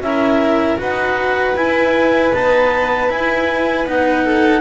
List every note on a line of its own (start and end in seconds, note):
0.00 0.77 C#4
0.00 0.76 E4
0.00 0.79 A#4
0.00 0.79 E5
0.76 1.55 D#4
0.76 1.53 F#4
0.76 4.24 B4
0.76 1.56 F#5
1.55 2.32 E4
1.55 2.33 E4
1.55 2.33 G#5
2.33 3.09 B3
2.33 3.08 D#4
2.33 3.10 A5
3.08 3.84 E4
3.08 3.86 E4
3.08 3.87 G#5
3.84 4.61 B3
3.84 4.61 D#4
3.84 4.61 F#5
4.24 4.61 A4